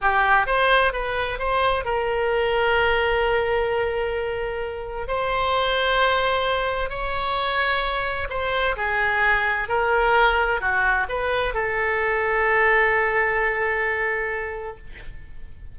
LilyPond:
\new Staff \with { instrumentName = "oboe" } { \time 4/4 \tempo 4 = 130 g'4 c''4 b'4 c''4 | ais'1~ | ais'2. c''4~ | c''2. cis''4~ |
cis''2 c''4 gis'4~ | gis'4 ais'2 fis'4 | b'4 a'2.~ | a'1 | }